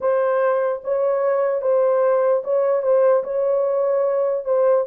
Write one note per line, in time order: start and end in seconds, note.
0.00 0.81 C5
0.84 1.61 C#5
1.61 2.42 C5
2.43 2.82 C#5
2.82 3.22 C5
3.23 4.44 C#5
4.44 4.85 C5